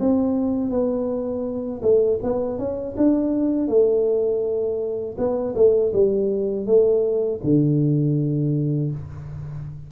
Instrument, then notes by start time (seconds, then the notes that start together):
tuba
0.00 C4
0.71 B3
1.82 A3
2.24 B3
2.59 C#4
2.98 D4
3.68 A3
5.18 B3
5.56 A3
5.94 G3
6.67 A3
7.44 D3